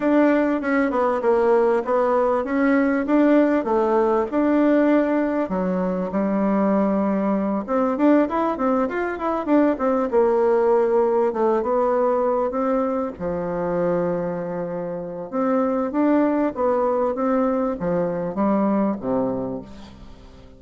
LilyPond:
\new Staff \with { instrumentName = "bassoon" } { \time 4/4 \tempo 4 = 98 d'4 cis'8 b8 ais4 b4 | cis'4 d'4 a4 d'4~ | d'4 fis4 g2~ | g8 c'8 d'8 e'8 c'8 f'8 e'8 d'8 |
c'8 ais2 a8 b4~ | b8 c'4 f2~ f8~ | f4 c'4 d'4 b4 | c'4 f4 g4 c4 | }